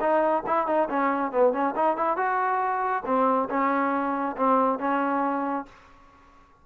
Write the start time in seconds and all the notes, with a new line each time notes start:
0.00 D#4
0.46 E4
0.67 D#4
0.89 C#4
1.32 B3
1.53 C#4
1.75 D#4
1.97 E4
2.17 F#4
3.06 C4
3.49 C#4
4.37 C4
4.79 C#4